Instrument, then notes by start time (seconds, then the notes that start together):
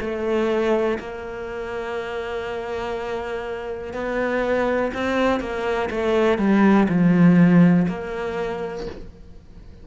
cello
0.00 A3
0.99 A#3
3.93 B3
4.94 C4
5.41 A#3
5.91 A3
6.38 G3
6.89 F3
7.89 A#3